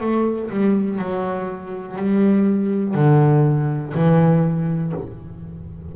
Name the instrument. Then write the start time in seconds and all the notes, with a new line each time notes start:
double bass
0.00 A3
0.50 G3
0.98 F#3
1.96 G3
2.94 D3
3.94 E3